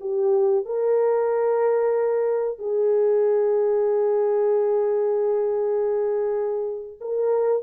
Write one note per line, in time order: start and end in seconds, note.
0.00 0.65 G4
0.65 2.58 A#4
2.58 6.99 G#4
7.00 7.63 A#4